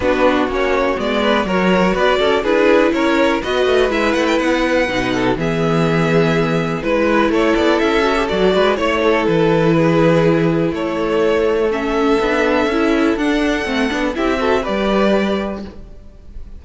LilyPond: <<
  \new Staff \with { instrumentName = "violin" } { \time 4/4 \tempo 4 = 123 b'4 cis''4 d''4 cis''4 | d''4 b'4 cis''4 dis''4 | e''8 fis''16 g''16 fis''2 e''4~ | e''2 b'4 cis''8 d''8 |
e''4 d''4 cis''4 b'4~ | b'2 cis''2 | e''2. fis''4~ | fis''4 e''4 d''2 | }
  \new Staff \with { instrumentName = "violin" } { \time 4/4 fis'2~ fis'8 b'8 ais'4 | b'8 a'8 gis'4 ais'4 b'4~ | b'2~ b'8 a'8 gis'4~ | gis'2 b'4 a'4~ |
a'4. b'8 cis''8 a'4. | gis'2 a'2~ | a'1~ | a'4 g'8 a'8 b'2 | }
  \new Staff \with { instrumentName = "viola" } { \time 4/4 d'4 cis'4 b4 fis'4~ | fis'4 e'2 fis'4 | e'2 dis'4 b4~ | b2 e'2~ |
e'8 fis'16 g'16 fis'4 e'2~ | e'1 | cis'4 d'4 e'4 d'4 | c'8 d'8 e'8 fis'8 g'2 | }
  \new Staff \with { instrumentName = "cello" } { \time 4/4 b4 ais4 gis4 fis4 | b8 cis'8 d'4 cis'4 b8 a8 | gis8 a8 b4 b,4 e4~ | e2 gis4 a8 b8 |
cis'4 fis8 gis8 a4 e4~ | e2 a2~ | a4 b4 cis'4 d'4 | a8 b8 c'4 g2 | }
>>